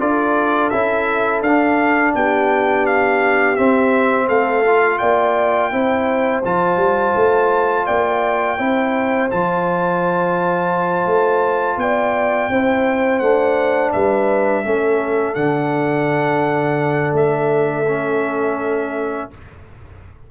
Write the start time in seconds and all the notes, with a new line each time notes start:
0.00 D4 F4 A4 D5
0.70 C#4 E4 E5
1.42 D4 F5
2.15 B3 G4 G5
2.86 F5
3.56 C4 E5
4.27 A3 A4 F5
4.65 F4
4.98 A#3 D5 G5
5.71 C4 E4 C5
6.44 F3 F4 A5
6.77 G3
7.15 A3
7.86 A#3 D5 G5
8.57 C4 E4 C5
9.30 F3 F4 A5
11.06 A3
11.77 B3 D5 G5
12.49 C4 E4 C5
13.19 A3 D4 F#5
13.92 G3 B4 E5
14.64 A3 C#4 A4
15.35 D3 D4 F#5
17.13 A3 E5
17.88 C#4